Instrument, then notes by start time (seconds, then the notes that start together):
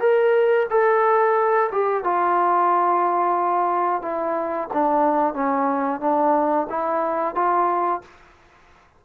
trombone
0.00 A#4
0.70 A4
1.72 G4
2.04 F4
4.02 E4
4.73 D4
5.34 C#4
6.00 D4
6.69 E4
7.35 F4